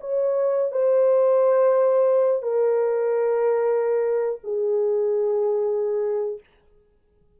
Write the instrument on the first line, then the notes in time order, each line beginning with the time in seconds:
horn
0.00 C#5
0.71 C5
2.42 A#4
4.43 G#4